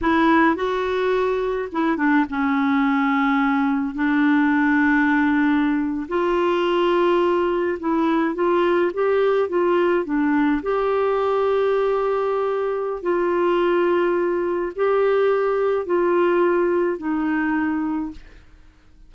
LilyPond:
\new Staff \with { instrumentName = "clarinet" } { \time 4/4 \tempo 4 = 106 e'4 fis'2 e'8 d'8 | cis'2. d'4~ | d'2~ d'8. f'4~ f'16~ | f'4.~ f'16 e'4 f'4 g'16~ |
g'8. f'4 d'4 g'4~ g'16~ | g'2. f'4~ | f'2 g'2 | f'2 dis'2 | }